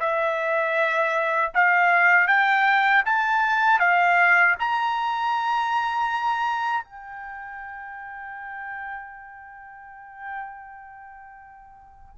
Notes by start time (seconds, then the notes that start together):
0.00 E5
1.54 F5
2.28 G5
3.06 A5
3.80 F5
4.59 A#5
6.84 G5